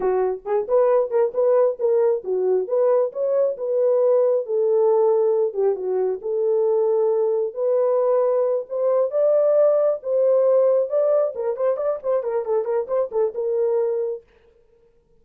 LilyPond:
\new Staff \with { instrumentName = "horn" } { \time 4/4 \tempo 4 = 135 fis'4 gis'8 b'4 ais'8 b'4 | ais'4 fis'4 b'4 cis''4 | b'2 a'2~ | a'8 g'8 fis'4 a'2~ |
a'4 b'2~ b'8 c''8~ | c''8 d''2 c''4.~ | c''8 d''4 ais'8 c''8 d''8 c''8 ais'8 | a'8 ais'8 c''8 a'8 ais'2 | }